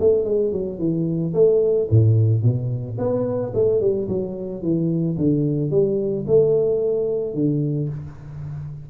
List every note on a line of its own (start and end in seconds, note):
0.00 0.25 A3
0.25 0.52 G#3
0.52 0.79 F#3
0.79 1.33 E3
1.34 1.88 A3
1.90 2.42 A2
2.42 2.97 B2
2.98 3.53 B3
3.54 3.81 A3
3.81 4.08 G3
4.08 4.62 F#3
4.62 5.17 E3
5.17 5.71 D3
5.71 6.25 G3
6.27 7.34 A3
7.34 7.89 D3